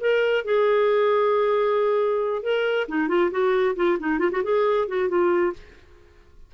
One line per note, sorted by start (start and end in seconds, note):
0.00 0.44 A#4
0.44 2.42 G#4
2.42 2.87 A#4
2.88 3.08 D#4
3.08 3.31 F4
3.31 3.75 F#4
3.76 3.98 F4
3.99 4.19 D#4
4.19 4.30 F4
4.31 4.42 F#4
4.43 4.88 G#4
4.88 5.09 F#4
5.09 5.53 F4